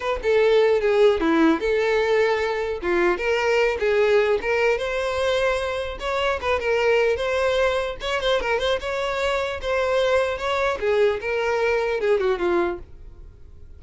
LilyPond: \new Staff \with { instrumentName = "violin" } { \time 4/4 \tempo 4 = 150 b'8 a'4. gis'4 e'4 | a'2. f'4 | ais'4. gis'4. ais'4 | c''2. cis''4 |
b'8 ais'4. c''2 | cis''8 c''8 ais'8 c''8 cis''2 | c''2 cis''4 gis'4 | ais'2 gis'8 fis'8 f'4 | }